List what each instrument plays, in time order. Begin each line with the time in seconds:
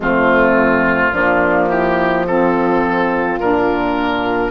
0.00 bassoon F2, saxophone A3, horn C4, oboe F4
1.12 bassoon F3, saxophone A#3, horn D4
1.68 horn E4, oboe G4
2.24 saxophone C4, horn F4, oboe A4
3.39 bassoon A#2, saxophone D4, oboe A#4